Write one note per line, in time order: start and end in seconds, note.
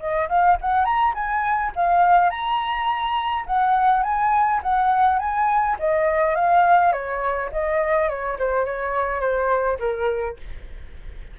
0.00 0.29 D#5
0.29 0.58 F5
0.61 0.85 F#5
0.85 1.14 A#5
1.15 1.72 G#5
1.76 2.30 F5
2.30 3.46 A#5
3.46 4.03 F#5
4.03 4.61 G#5
4.63 5.19 F#5
5.19 5.77 G#5
5.80 6.36 D#5
6.36 6.93 F5
6.93 7.51 C#5
7.53 8.09 D#5
8.09 8.38 C#5
8.39 8.66 C5
8.66 9.21 C#5
9.21 9.78 C5
9.79 10.37 A#4